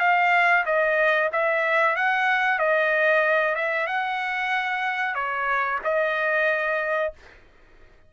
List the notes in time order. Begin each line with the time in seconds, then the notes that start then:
0.00 F5
0.66 D#5
1.33 E5
1.96 F#5
2.59 D#5
3.55 E5
3.87 F#5
5.15 C#5
5.84 D#5